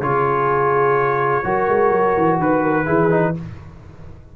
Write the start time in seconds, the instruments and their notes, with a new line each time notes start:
0.00 tuba C#3, trombone F4, horn G#4, trumpet C#5
1.43 tuba F#3, trombone F#4, horn A#4
1.68 tuba G#3
1.91 tuba F#3
2.17 tuba E3
2.39 tuba D#3, trumpet B4, horn B4
2.63 horn A#4
2.85 tuba E3, trombone E4, horn G#4
3.10 trombone D#4